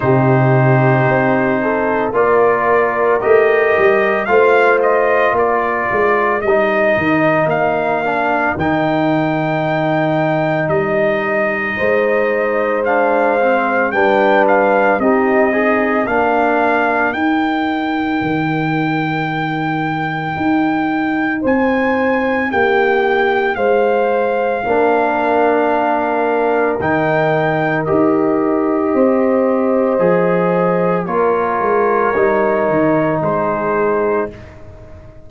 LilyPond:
<<
  \new Staff \with { instrumentName = "trumpet" } { \time 4/4 \tempo 4 = 56 c''2 d''4 dis''4 | f''8 dis''8 d''4 dis''4 f''4 | g''2 dis''2 | f''4 g''8 f''8 dis''4 f''4 |
g''1 | gis''4 g''4 f''2~ | f''4 g''4 dis''2~ | dis''4 cis''2 c''4 | }
  \new Staff \with { instrumentName = "horn" } { \time 4/4 g'4. a'8 ais'2 | c''4 ais'2.~ | ais'2. c''4~ | c''4 b'4 g'8 dis'8 ais'4~ |
ais'1 | c''4 g'4 c''4 ais'4~ | ais'2. c''4~ | c''4 ais'2 gis'4 | }
  \new Staff \with { instrumentName = "trombone" } { \time 4/4 dis'2 f'4 g'4 | f'2 dis'4. d'8 | dis'1 | d'8 c'8 d'4 dis'8 gis'8 d'4 |
dis'1~ | dis'2. d'4~ | d'4 dis'4 g'2 | gis'4 f'4 dis'2 | }
  \new Staff \with { instrumentName = "tuba" } { \time 4/4 c4 c'4 ais4 a8 g8 | a4 ais8 gis8 g8 dis8 ais4 | dis2 g4 gis4~ | gis4 g4 c'4 ais4 |
dis'4 dis2 dis'4 | c'4 ais4 gis4 ais4~ | ais4 dis4 dis'4 c'4 | f4 ais8 gis8 g8 dis8 gis4 | }
>>